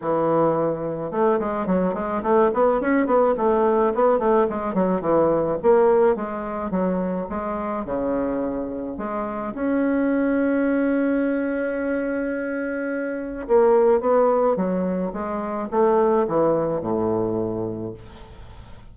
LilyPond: \new Staff \with { instrumentName = "bassoon" } { \time 4/4 \tempo 4 = 107 e2 a8 gis8 fis8 gis8 | a8 b8 cis'8 b8 a4 b8 a8 | gis8 fis8 e4 ais4 gis4 | fis4 gis4 cis2 |
gis4 cis'2.~ | cis'1 | ais4 b4 fis4 gis4 | a4 e4 a,2 | }